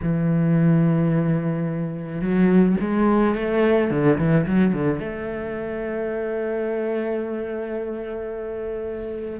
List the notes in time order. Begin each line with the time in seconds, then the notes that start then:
0.02 E3
2.21 F#3
2.80 G#3
3.35 A3
3.90 D3
4.18 E3
4.46 F#3
4.73 D3
4.99 A3